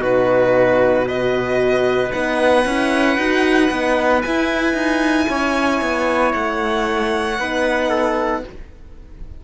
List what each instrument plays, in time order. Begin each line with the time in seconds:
0.00 cello B2, horn D#4, trumpet F#4, violin B4
1.06 horn F#4, trumpet B4, violin D#5
2.11 cello B3, horn D#4, violin F#5
2.65 cello C#4, horn E4
3.17 cello D#4, horn F#4
3.70 cello B3, horn D#4
4.21 horn E4, cello E4, violin G#5
4.74 cello D#4
5.29 cello C#4, trumpet C#5
5.81 cello B3
6.33 cello A3, violin F#5
7.38 cello B3, horn D#4, trumpet B4
7.89 trumpet A4